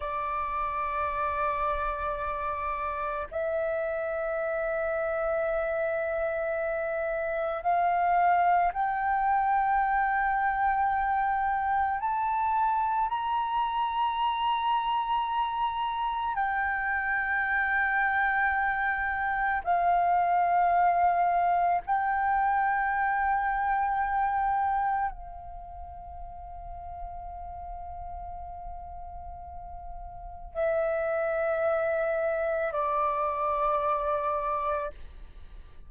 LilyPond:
\new Staff \with { instrumentName = "flute" } { \time 4/4 \tempo 4 = 55 d''2. e''4~ | e''2. f''4 | g''2. a''4 | ais''2. g''4~ |
g''2 f''2 | g''2. f''4~ | f''1 | e''2 d''2 | }